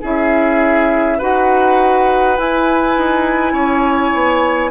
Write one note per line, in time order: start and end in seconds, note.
0.00 1.20 C#4
0.00 1.19 E4
0.00 1.18 G#4
0.00 1.19 E5
1.18 2.38 D#4
1.18 2.36 F#4
1.18 3.53 B4
1.18 2.37 F#5
2.36 4.70 E4
2.36 2.97 E4
2.36 4.70 G#5
2.97 3.52 D#4
3.52 4.11 C#4
3.52 4.70 C#5
4.13 4.70 B3